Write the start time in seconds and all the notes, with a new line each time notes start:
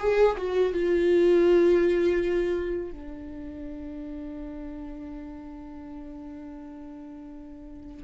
0.00 G#4
0.37 F#4
0.73 F4
2.92 D4